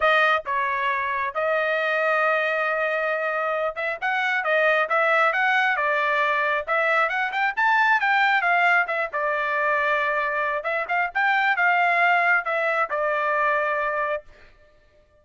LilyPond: \new Staff \with { instrumentName = "trumpet" } { \time 4/4 \tempo 4 = 135 dis''4 cis''2 dis''4~ | dis''1~ | dis''8 e''8 fis''4 dis''4 e''4 | fis''4 d''2 e''4 |
fis''8 g''8 a''4 g''4 f''4 | e''8 d''2.~ d''8 | e''8 f''8 g''4 f''2 | e''4 d''2. | }